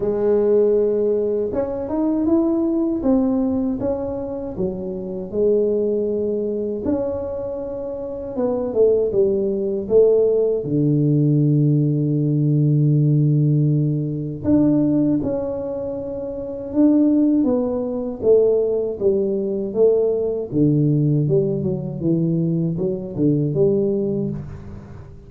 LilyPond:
\new Staff \with { instrumentName = "tuba" } { \time 4/4 \tempo 4 = 79 gis2 cis'8 dis'8 e'4 | c'4 cis'4 fis4 gis4~ | gis4 cis'2 b8 a8 | g4 a4 d2~ |
d2. d'4 | cis'2 d'4 b4 | a4 g4 a4 d4 | g8 fis8 e4 fis8 d8 g4 | }